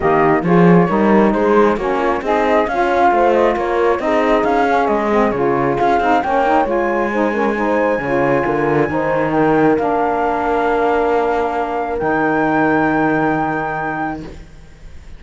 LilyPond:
<<
  \new Staff \with { instrumentName = "flute" } { \time 4/4 \tempo 4 = 135 dis''4 cis''2 c''4 | cis''4 dis''4 f''4. dis''8 | cis''4 dis''4 f''4 dis''4 | cis''4 f''4 g''4 gis''4~ |
gis''1~ | gis''4 g''4 f''2~ | f''2. g''4~ | g''1 | }
  \new Staff \with { instrumentName = "horn" } { \time 4/4 g'4 gis'4 ais'4 gis'4 | fis'8 f'8 dis'4 cis'4 c''4 | ais'4 gis'2.~ | gis'2 cis''2 |
c''8 ais'8 c''4 cis''4 ais'4 | c''4 ais'2.~ | ais'1~ | ais'1 | }
  \new Staff \with { instrumentName = "saxophone" } { \time 4/4 ais4 f'4 dis'2 | cis'4 gis'4 f'2~ | f'4 dis'4. cis'4 c'8 | f'4. dis'8 cis'8 dis'8 f'4 |
dis'8 cis'8 dis'4 f'2 | dis'2 d'2~ | d'2. dis'4~ | dis'1 | }
  \new Staff \with { instrumentName = "cello" } { \time 4/4 dis4 f4 g4 gis4 | ais4 c'4 cis'4 a4 | ais4 c'4 cis'4 gis4 | cis4 cis'8 c'8 ais4 gis4~ |
gis2 cis4 d4 | dis2 ais2~ | ais2. dis4~ | dis1 | }
>>